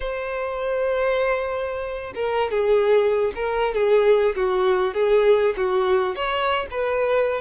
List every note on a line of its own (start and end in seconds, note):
0.00 2.13 C5
2.14 2.51 A#4
2.51 3.32 G#4
3.35 3.74 A#4
3.74 4.35 G#4
4.35 4.93 F#4
4.93 5.54 G#4
5.56 6.15 F#4
6.15 6.66 C#5
6.71 7.41 B4